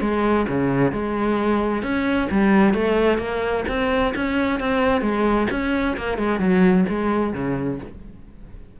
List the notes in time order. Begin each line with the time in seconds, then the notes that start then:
0.00 G#3
0.48 C#3
0.92 G#3
1.82 C#4
2.31 G3
2.73 A3
3.18 A#3
3.68 C4
4.15 C#4
4.59 C4
5.01 G#3
5.50 C#4
5.96 A#3
6.17 G#3
6.39 F#3
6.88 G#3
7.33 C#3